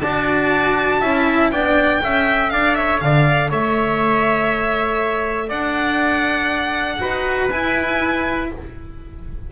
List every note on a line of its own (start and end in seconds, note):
0.00 1.01 D4
0.00 1.02 F#4
0.00 1.00 D5
0.00 1.50 A5
1.00 1.51 C#4
1.00 1.52 E4
1.00 1.50 E5
1.51 2.01 B3
1.51 1.99 D4
1.51 2.02 D5
1.51 2.50 G5
1.99 2.50 C#4
1.99 6.99 A4
1.99 2.52 E5
2.50 3.00 D4
2.50 2.77 D5
2.50 2.74 F5
2.74 3.03 C#5
2.74 2.99 E5
3.00 3.51 D3
3.00 3.49 D5
3.00 3.50 F5
3.49 5.50 A3
3.49 5.48 C#5
3.49 5.49 E5
5.48 7.00 D4
5.48 6.98 D5
5.48 7.49 F#5
6.99 7.51 D#4
6.99 7.49 F#4
6.99 8.51 B4
7.50 8.51 E4
7.50 8.52 E4
7.50 8.50 G#5